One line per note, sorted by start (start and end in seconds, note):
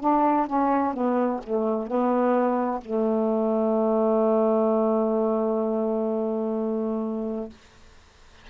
0.00 0.46 D4
0.46 0.93 C#4
0.93 1.40 B3
1.44 1.87 A3
1.87 2.80 B3
2.81 7.50 A3